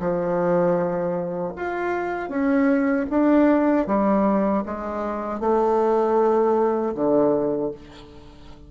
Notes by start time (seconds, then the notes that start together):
0.00 F3
1.56 F4
2.30 C#4
3.10 D4
3.87 G3
4.66 G#3
5.41 A3
6.95 D3